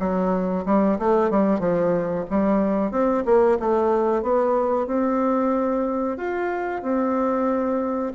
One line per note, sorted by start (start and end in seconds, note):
0.00 0.65 F#3
0.66 0.99 G3
0.99 1.31 A3
1.31 1.60 G3
1.60 2.25 F3
2.30 2.92 G3
2.92 3.24 C4
3.26 3.58 A#3
3.60 4.23 A3
4.23 4.87 B3
4.87 6.17 C4
6.17 6.83 F4
6.83 8.13 C4